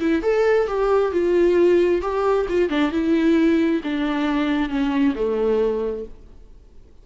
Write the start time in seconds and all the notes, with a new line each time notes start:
0.00 E4
0.23 A4
0.68 G4
1.12 F4
2.02 G4
2.49 F4
2.69 D4
2.92 E4
3.84 D4
4.69 C#4
5.16 A3